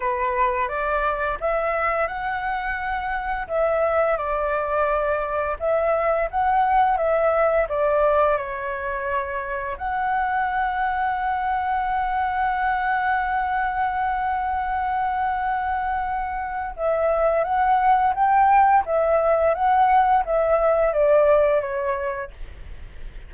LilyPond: \new Staff \with { instrumentName = "flute" } { \time 4/4 \tempo 4 = 86 b'4 d''4 e''4 fis''4~ | fis''4 e''4 d''2 | e''4 fis''4 e''4 d''4 | cis''2 fis''2~ |
fis''1~ | fis''1 | e''4 fis''4 g''4 e''4 | fis''4 e''4 d''4 cis''4 | }